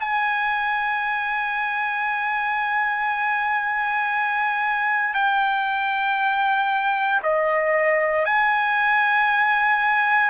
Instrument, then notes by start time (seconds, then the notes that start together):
trumpet
0.00 G#5
5.14 G5
7.22 D#5
8.25 G#5